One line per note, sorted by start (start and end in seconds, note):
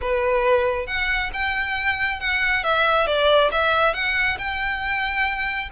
0.01 0.87 B4
0.87 1.30 F#5
1.33 2.19 G5
2.19 2.63 F#5
2.63 3.06 E5
3.06 3.50 D5
3.51 3.93 E5
3.93 4.37 F#5
4.38 5.69 G5